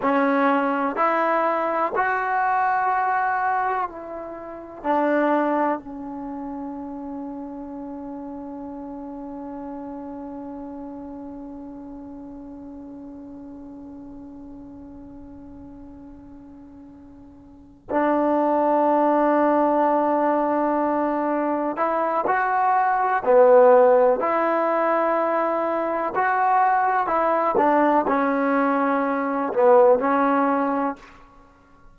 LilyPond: \new Staff \with { instrumentName = "trombone" } { \time 4/4 \tempo 4 = 62 cis'4 e'4 fis'2 | e'4 d'4 cis'2~ | cis'1~ | cis'1~ |
cis'2~ cis'8 d'4.~ | d'2~ d'8 e'8 fis'4 | b4 e'2 fis'4 | e'8 d'8 cis'4. b8 cis'4 | }